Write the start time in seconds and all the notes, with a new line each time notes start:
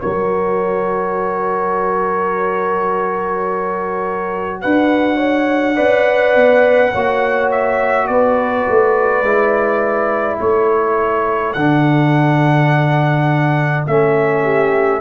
0.00 F#3 F#4 A#4 C#5
4.61 D4 B4 F#5
5.17 C#5
5.76 C#4 B4 D5
6.36 B3
6.92 A#3 F#4 C#5
7.51 E5
8.07 B3 B4 D5
8.69 A3
9.22 G#3 E4
10.39 A3 A4 C#5
11.53 D3 D4 F#5
13.86 A3 C#4 E5
14.43 G4